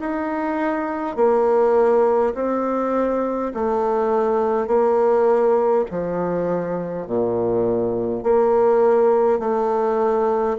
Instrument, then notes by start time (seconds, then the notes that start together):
bassoon
0.00 D#4
1.16 A#3
2.35 C4
3.54 A3
4.67 A#3
5.91 F3
7.07 A#2
8.24 A#3
9.40 A3